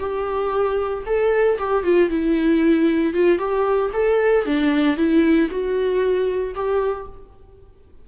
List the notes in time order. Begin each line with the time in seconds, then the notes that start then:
0.00 G4
1.06 A4
1.58 G4
1.84 F4
2.10 E4
3.14 F4
3.38 G4
3.94 A4
4.46 D4
4.97 E4
5.50 F#4
6.55 G4